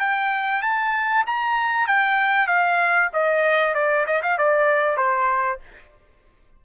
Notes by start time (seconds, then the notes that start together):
0.00 G5
0.62 A5
1.27 A#5
1.88 G5
2.48 F5
3.14 D#5
3.75 D5
4.07 D#5
4.23 F5
4.38 D5
4.97 C5